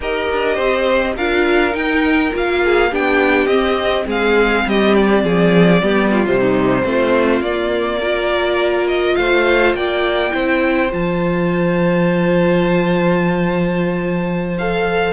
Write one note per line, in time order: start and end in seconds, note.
0.00 0.29 D#4
0.00 1.17 G4
0.00 0.54 A#4
0.00 1.17 D#5
0.31 0.58 D4
0.54 1.16 C4
0.54 1.13 C5
1.16 1.74 D4
1.16 1.71 F4
1.16 2.62 A#4
1.16 1.74 F5
1.71 2.30 D#4
1.71 2.32 D#4
1.71 2.33 G5
2.31 2.92 A#3
2.31 2.90 F4
2.31 2.94 F5
2.64 2.90 G#4
2.90 3.46 B3
2.90 3.49 D4
2.90 4.06 G4
2.90 3.46 G5
3.46 4.04 C4
3.46 5.82 C4
3.46 4.04 D#5
4.06 4.65 G#3
4.06 4.64 G#4
4.06 4.68 F5
4.66 5.24 G3
4.66 5.23 G4
4.66 4.94 D#5
4.94 6.25 D5
5.23 5.82 F3
5.23 5.81 G#4
5.82 6.26 G3
5.82 6.26 B3
5.82 6.11 G4
6.11 6.39 F4
6.26 6.84 C3
6.26 6.84 G3
6.26 7.41 C5
6.39 6.83 D#4
6.84 7.40 A3
6.84 7.42 C4
6.84 7.99 F4
7.40 9.15 A#3
7.40 8.02 A#3
7.40 8.87 D5
7.99 10.30 F4
7.99 9.16 A#4
8.87 9.15 D#5
9.15 9.74 A3
9.15 9.76 C5
9.15 9.73 F5
9.74 10.32 A#3
9.74 10.34 D5
9.74 10.91 G5
10.30 10.92 C4
10.30 10.89 E4
10.30 15.12 C5
10.90 15.12 F3
10.90 14.54 F4
10.90 14.57 A5
14.58 15.12 A4
14.58 15.12 F5